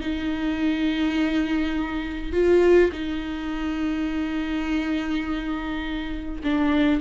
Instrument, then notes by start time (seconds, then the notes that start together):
viola
0.00 D#4
2.32 F4
2.92 D#4
6.43 D4